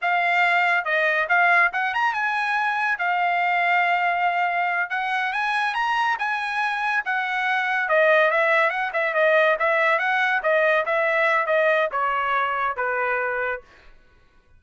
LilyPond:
\new Staff \with { instrumentName = "trumpet" } { \time 4/4 \tempo 4 = 141 f''2 dis''4 f''4 | fis''8 ais''8 gis''2 f''4~ | f''2.~ f''8 fis''8~ | fis''8 gis''4 ais''4 gis''4.~ |
gis''8 fis''2 dis''4 e''8~ | e''8 fis''8 e''8 dis''4 e''4 fis''8~ | fis''8 dis''4 e''4. dis''4 | cis''2 b'2 | }